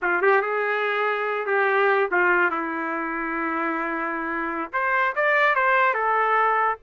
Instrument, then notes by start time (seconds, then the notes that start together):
trumpet
0.02 F4
0.21 G4
0.41 G#4
1.46 G4
2.11 F4
2.50 E4
4.72 C5
5.15 D5
5.55 C5
5.94 A4